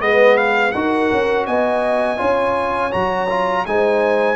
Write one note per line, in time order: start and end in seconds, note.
0.00 0.73 G#3
0.00 0.73 B3
0.00 0.73 B4
0.00 0.37 D#5
0.37 0.72 F5
0.72 1.11 D#4
0.72 2.18 F#4
0.72 1.47 A#4
0.72 1.45 F#5
1.11 1.47 C#4
1.46 2.20 B3
1.46 2.17 D#5
1.46 2.92 G#5
2.17 2.94 C#4
2.17 2.91 F4
2.17 3.63 C#5
2.91 3.66 F#3
2.91 3.27 F#4
2.91 3.65 A#5
3.29 3.66 F4
3.66 4.36 G#3
3.66 4.36 D#4
3.66 4.36 C5
3.66 4.36 G#5